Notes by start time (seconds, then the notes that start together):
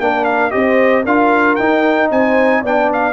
0.00 A#3 D4 A#4 G5
0.25 F5
0.51 C4 G4 C5 D#5
1.04 D4 F4 A#4 F5
1.56 D#4 G5
2.11 C4 C5 G#5
2.61 B3 D4 D5 G5
2.93 F5